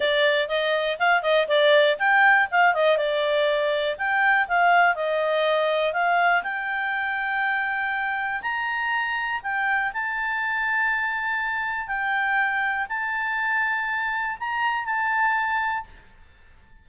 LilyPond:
\new Staff \with { instrumentName = "clarinet" } { \time 4/4 \tempo 4 = 121 d''4 dis''4 f''8 dis''8 d''4 | g''4 f''8 dis''8 d''2 | g''4 f''4 dis''2 | f''4 g''2.~ |
g''4 ais''2 g''4 | a''1 | g''2 a''2~ | a''4 ais''4 a''2 | }